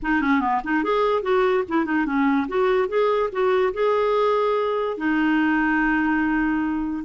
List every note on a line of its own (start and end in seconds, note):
0.02 0.21 D#4
0.21 0.40 C#4
0.40 0.61 B3
0.63 0.83 D#4
0.83 1.22 G#4
1.22 1.63 F#4
1.68 1.85 E4
1.85 2.05 D#4
2.05 2.47 C#4
2.47 2.88 F#4
2.88 3.30 G#4
3.32 3.73 F#4
3.73 4.97 G#4
4.97 7.04 D#4